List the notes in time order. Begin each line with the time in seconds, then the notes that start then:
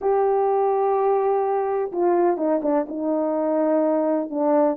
0.01 G4
1.92 F4
2.37 D#4
2.62 D4
2.88 D#4
4.30 D4